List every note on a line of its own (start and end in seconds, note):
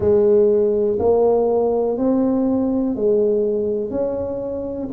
0.00 0.98 G#3
0.99 1.97 A#3
1.97 2.95 C4
2.95 3.90 G#3
3.90 4.89 C#4